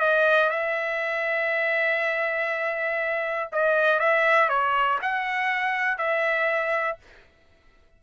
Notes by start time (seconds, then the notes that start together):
0.00 D#5
0.50 E5
3.52 D#5
4.00 E5
4.49 C#5
5.02 F#5
5.98 E5